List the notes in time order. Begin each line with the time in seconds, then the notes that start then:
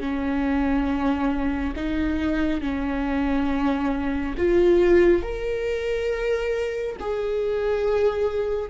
0.00 C#4
1.76 D#4
2.61 C#4
4.38 F4
5.23 A#4
7.00 G#4